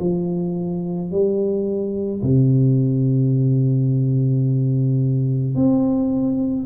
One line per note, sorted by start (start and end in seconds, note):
0.00 1.11 F3
1.11 2.22 G3
2.22 5.55 C3
5.55 6.66 C4